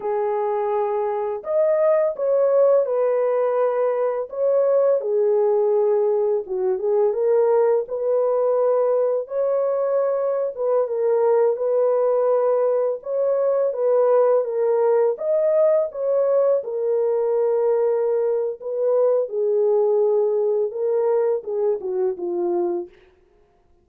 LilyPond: \new Staff \with { instrumentName = "horn" } { \time 4/4 \tempo 4 = 84 gis'2 dis''4 cis''4 | b'2 cis''4 gis'4~ | gis'4 fis'8 gis'8 ais'4 b'4~ | b'4 cis''4.~ cis''16 b'8 ais'8.~ |
ais'16 b'2 cis''4 b'8.~ | b'16 ais'4 dis''4 cis''4 ais'8.~ | ais'2 b'4 gis'4~ | gis'4 ais'4 gis'8 fis'8 f'4 | }